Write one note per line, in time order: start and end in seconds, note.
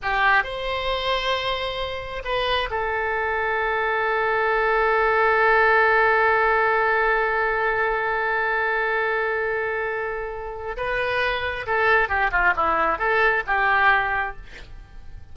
0.02 0.43 G4
0.43 2.22 C5
2.24 2.69 B4
2.70 10.76 A4
10.76 11.66 B4
11.66 12.08 A4
12.08 12.31 G4
12.31 12.53 F4
12.56 12.98 E4
12.98 13.43 A4
13.47 14.36 G4